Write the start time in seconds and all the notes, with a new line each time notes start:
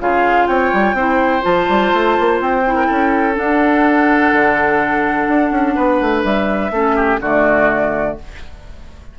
0.00 C#3 F4 G#4 F5
0.47 C4 C#5 G5
0.73 G3
0.94 C4 E4 C5
1.42 F3 F4 A5
1.69 G3
1.94 A3
2.20 A#3
2.41 C4 G5
2.67 E4
2.75 A#4
2.86 C#4 A4
3.34 D4 F#5
4.33 D3
5.28 D4
5.51 C#4
5.75 B3 B4
6.01 A3
6.24 G3 E5
6.71 A3 C#4 A4
6.96 G4
7.20 D3 A3 F#4 D5